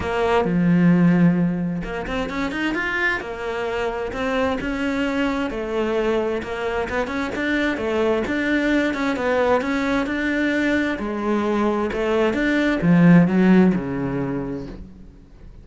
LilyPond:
\new Staff \with { instrumentName = "cello" } { \time 4/4 \tempo 4 = 131 ais4 f2. | ais8 c'8 cis'8 dis'8 f'4 ais4~ | ais4 c'4 cis'2 | a2 ais4 b8 cis'8 |
d'4 a4 d'4. cis'8 | b4 cis'4 d'2 | gis2 a4 d'4 | f4 fis4 cis2 | }